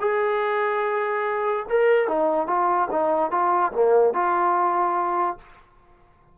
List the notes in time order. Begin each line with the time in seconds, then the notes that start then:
0.00 G#4
1.69 A#4
2.07 D#4
2.47 F4
2.91 D#4
3.31 F4
3.73 A#3
4.14 F4